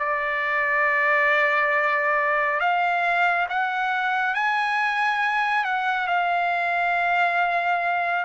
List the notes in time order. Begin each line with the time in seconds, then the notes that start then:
0.00 D5
2.60 F5
3.50 F#5
4.35 G#5
5.65 F#5
6.08 F5